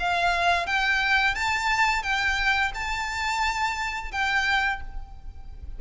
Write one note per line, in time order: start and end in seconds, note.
0.00 0.67 F5
0.67 1.35 G5
1.35 2.03 A5
2.03 2.72 G5
2.75 4.12 A5
4.12 4.81 G5